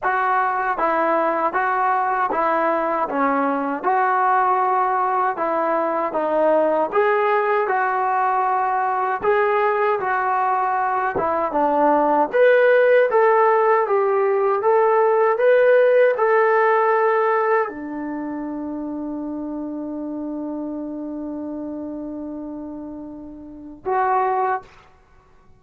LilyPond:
\new Staff \with { instrumentName = "trombone" } { \time 4/4 \tempo 4 = 78 fis'4 e'4 fis'4 e'4 | cis'4 fis'2 e'4 | dis'4 gis'4 fis'2 | gis'4 fis'4. e'8 d'4 |
b'4 a'4 g'4 a'4 | b'4 a'2 d'4~ | d'1~ | d'2. fis'4 | }